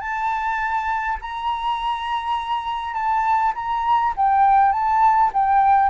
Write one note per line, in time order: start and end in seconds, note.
0.00 1.18 A5
1.21 2.94 A#5
2.94 3.52 A5
3.55 4.14 A#5
4.16 4.72 G5
4.72 5.31 A5
5.33 5.89 G5